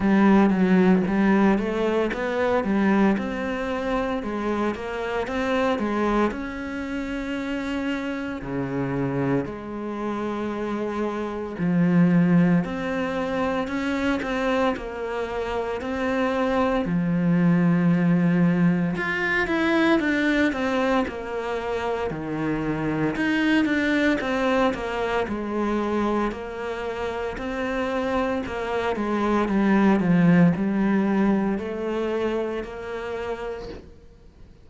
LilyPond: \new Staff \with { instrumentName = "cello" } { \time 4/4 \tempo 4 = 57 g8 fis8 g8 a8 b8 g8 c'4 | gis8 ais8 c'8 gis8 cis'2 | cis4 gis2 f4 | c'4 cis'8 c'8 ais4 c'4 |
f2 f'8 e'8 d'8 c'8 | ais4 dis4 dis'8 d'8 c'8 ais8 | gis4 ais4 c'4 ais8 gis8 | g8 f8 g4 a4 ais4 | }